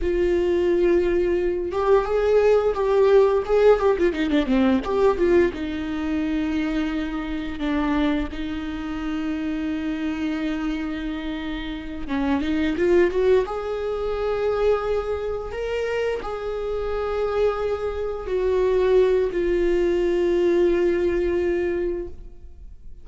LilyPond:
\new Staff \with { instrumentName = "viola" } { \time 4/4 \tempo 4 = 87 f'2~ f'8 g'8 gis'4 | g'4 gis'8 g'16 f'16 dis'16 d'16 c'8 g'8 f'8 | dis'2. d'4 | dis'1~ |
dis'4. cis'8 dis'8 f'8 fis'8 gis'8~ | gis'2~ gis'8 ais'4 gis'8~ | gis'2~ gis'8 fis'4. | f'1 | }